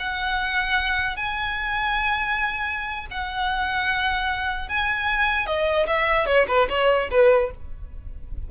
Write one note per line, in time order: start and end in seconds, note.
0.00 1.17 F#5
1.17 3.07 G#5
3.11 4.69 F#5
4.69 5.47 G#5
5.47 5.87 D#5
5.87 6.27 E5
6.27 6.47 C#5
6.48 6.68 B4
6.69 7.09 C#5
7.11 7.51 B4